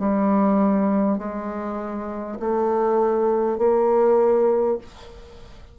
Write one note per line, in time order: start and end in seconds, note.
0.00 1.18 G3
1.18 2.38 G#3
2.40 3.59 A3
3.59 4.79 A#3